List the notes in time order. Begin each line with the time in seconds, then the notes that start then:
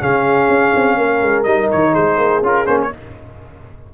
0.00 C#3 C#4 G#4 F5
0.49 C#4
0.75 C4
0.97 A#3 A#4
1.22 G#3
1.43 G3 D#4 D#5
1.71 D#3 C#5
1.92 G#3 G#4 C5
2.17 A#3
2.42 C#4 F4 A#4
2.66 A#3 C#4 C5
2.82 C#5